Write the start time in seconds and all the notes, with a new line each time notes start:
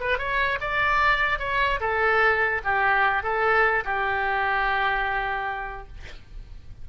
0.00 B4
0.18 C#5
0.60 D5
1.39 C#5
1.80 A4
2.64 G4
3.22 A4
3.84 G4